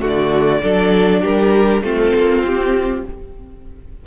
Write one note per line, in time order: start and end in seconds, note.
0.00 0.63 D3
0.00 0.61 A3
0.00 0.62 F#4
0.07 1.25 D5
0.62 1.24 F#3
0.62 1.83 D4
0.62 1.22 A4
1.22 1.81 G3
1.22 1.82 G4
1.22 1.83 A#4
1.81 2.12 A3
1.81 3.04 C4
1.81 3.05 F4
1.81 2.44 A4
2.15 2.43 A#3
2.43 3.03 C4
2.43 3.06 G4